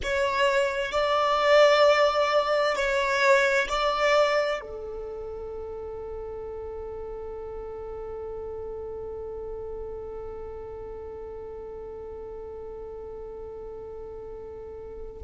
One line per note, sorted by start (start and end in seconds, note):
0.03 0.91 C#5
0.91 2.75 D5
2.75 3.68 C#5
3.68 4.60 D5
4.61 15.22 A4